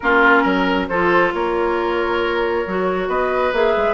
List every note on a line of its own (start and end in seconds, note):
0.00 0.44 A#3
0.00 0.90 C#4
0.00 0.42 F4
0.00 0.87 A#4
0.42 0.88 F#3
0.42 0.87 A#4
0.87 1.33 F3
0.87 2.67 F4
0.87 1.33 A4
0.87 1.32 C5
1.33 2.66 A#3
1.33 3.09 A#4
1.33 3.08 C#5
2.66 3.08 F#3
2.66 3.53 F#4
3.08 3.52 B3
3.08 3.94 B4
3.08 3.52 D#5
3.52 3.75 A#3
3.52 3.94 G#4
3.52 3.94 E5
3.76 3.94 G#3